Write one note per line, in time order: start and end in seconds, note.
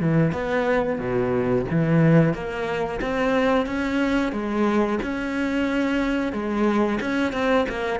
0.00 0.32 E3
0.32 0.98 B3
0.98 1.65 B2
1.70 2.33 E3
2.33 3.00 A#3
3.01 3.66 C4
3.66 4.32 C#4
4.32 4.98 G#3
5.02 6.32 C#4
6.32 6.99 G#3
7.00 7.32 C#4
7.32 7.65 C4
7.68 7.99 A#3